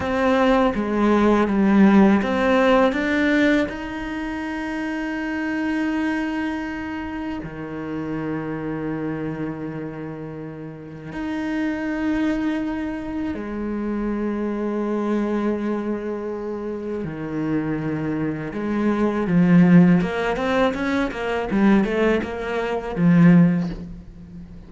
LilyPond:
\new Staff \with { instrumentName = "cello" } { \time 4/4 \tempo 4 = 81 c'4 gis4 g4 c'4 | d'4 dis'2.~ | dis'2 dis2~ | dis2. dis'4~ |
dis'2 gis2~ | gis2. dis4~ | dis4 gis4 f4 ais8 c'8 | cis'8 ais8 g8 a8 ais4 f4 | }